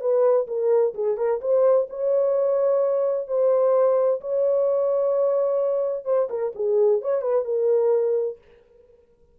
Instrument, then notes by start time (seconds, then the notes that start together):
horn
0.00 B4
0.47 A#4
0.94 G#4
1.17 A#4
1.41 C5
1.89 C#5
3.27 C5
4.21 C#5
6.05 C5
6.29 A#4
6.55 G#4
7.01 C#5
7.21 B4
7.45 A#4